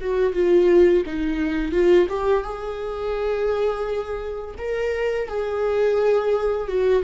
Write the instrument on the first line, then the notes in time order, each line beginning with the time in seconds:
viola
0.00 F#4
0.33 F4
1.06 D#4
1.72 F4
2.09 G4
2.43 G#4
4.58 A#4
5.28 G#4
6.67 F#4